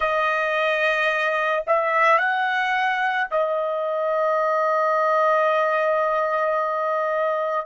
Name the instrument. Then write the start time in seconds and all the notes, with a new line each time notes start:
trumpet
0.00 D#5
1.67 E5
2.18 F#5
3.30 D#5